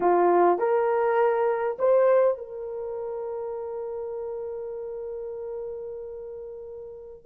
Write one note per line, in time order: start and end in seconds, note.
0.00 0.58 F4
0.58 1.77 A#4
1.78 2.37 C5
2.37 7.25 A#4